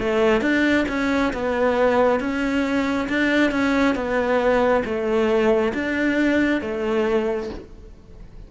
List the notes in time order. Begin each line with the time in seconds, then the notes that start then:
0.00 A3
0.42 D4
0.89 C#4
1.34 B3
2.21 C#4
3.09 D4
3.51 C#4
3.95 B3
4.85 A3
5.74 D4
6.62 A3